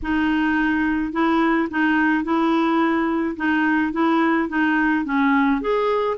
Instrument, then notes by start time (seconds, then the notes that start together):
clarinet
0.02 D#4
1.12 E4
1.70 D#4
2.24 E4
3.36 D#4
3.92 E4
4.48 D#4
5.05 C#4
5.61 G#4